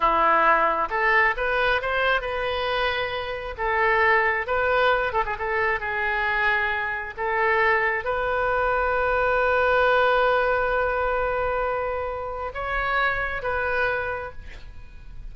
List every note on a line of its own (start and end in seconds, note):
0.00 0.89 E4
0.90 1.34 A4
1.37 1.81 B4
1.81 2.21 C5
2.21 3.55 B4
3.57 4.46 A4
4.46 5.12 B4
5.12 5.23 A4
5.25 5.36 G#4
5.38 5.80 A4
5.80 7.14 G#4
7.17 8.04 A4
8.04 12.52 B4
12.54 13.42 C#5
13.42 14.31 B4